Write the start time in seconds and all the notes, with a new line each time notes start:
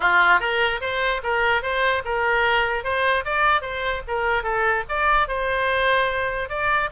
0.00 F4
0.39 A#4
0.81 C5
1.23 A#4
1.62 C5
2.04 A#4
2.83 C5
3.25 D5
3.61 C5
4.07 A#4
4.43 A4
4.88 D5
5.28 C5
6.49 D5